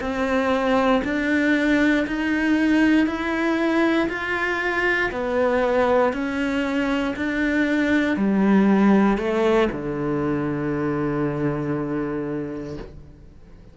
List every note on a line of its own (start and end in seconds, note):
0.00 1.02 C4
1.04 2.06 D4
2.07 3.06 D#4
3.06 4.08 E4
4.09 5.10 F4
5.11 6.12 B3
6.12 7.14 C#4
7.16 8.16 D4
8.16 9.18 G3
9.18 9.68 A3
9.72 12.77 D3